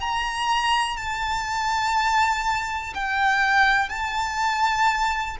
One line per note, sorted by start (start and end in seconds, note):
0.00 0.97 A#5
0.97 2.93 A5
2.95 3.89 G5
3.89 5.37 A5